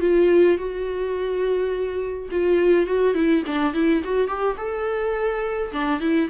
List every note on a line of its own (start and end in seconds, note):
0.00 0.57 F4
0.57 2.29 F#4
2.31 2.86 F4
2.86 3.14 F#4
3.14 3.43 E4
3.46 3.74 D4
3.74 4.02 E4
4.04 4.27 F#4
4.27 4.56 G4
4.57 5.71 A4
5.72 6.00 D4
6.00 6.29 E4